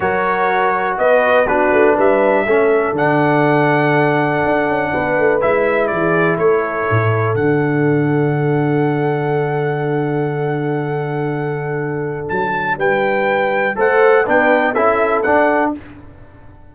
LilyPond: <<
  \new Staff \with { instrumentName = "trumpet" } { \time 4/4 \tempo 4 = 122 cis''2 dis''4 b'4 | e''2 fis''2~ | fis''2. e''4 | d''4 cis''2 fis''4~ |
fis''1~ | fis''1~ | fis''4 a''4 g''2 | fis''4 g''4 e''4 fis''4 | }
  \new Staff \with { instrumentName = "horn" } { \time 4/4 ais'2 b'4 fis'4 | b'4 a'2.~ | a'2 b'2 | gis'4 a'2.~ |
a'1~ | a'1~ | a'2 b'2 | c''4 b'4 a'2 | }
  \new Staff \with { instrumentName = "trombone" } { \time 4/4 fis'2. d'4~ | d'4 cis'4 d'2~ | d'2. e'4~ | e'2. d'4~ |
d'1~ | d'1~ | d'1 | a'4 d'4 e'4 d'4 | }
  \new Staff \with { instrumentName = "tuba" } { \time 4/4 fis2 b4. a8 | g4 a4 d2~ | d4 d'8 cis'8 b8 a8 gis4 | e4 a4 a,4 d4~ |
d1~ | d1~ | d4 fis4 g2 | a4 b4 cis'4 d'4 | }
>>